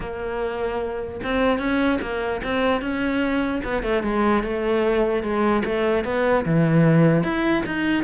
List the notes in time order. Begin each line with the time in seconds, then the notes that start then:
0.00 A#3
1.23 C4
1.59 C#4
2.01 A#3
2.43 C4
2.81 C#4
3.64 B3
3.83 A3
4.02 G#3
4.43 A3
5.22 G#3
5.64 A3
6.04 B3
6.45 E3
7.23 E4
7.66 D#4